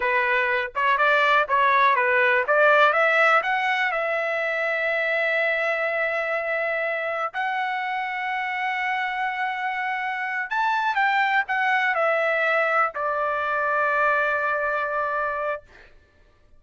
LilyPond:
\new Staff \with { instrumentName = "trumpet" } { \time 4/4 \tempo 4 = 123 b'4. cis''8 d''4 cis''4 | b'4 d''4 e''4 fis''4 | e''1~ | e''2. fis''4~ |
fis''1~ | fis''4. a''4 g''4 fis''8~ | fis''8 e''2 d''4.~ | d''1 | }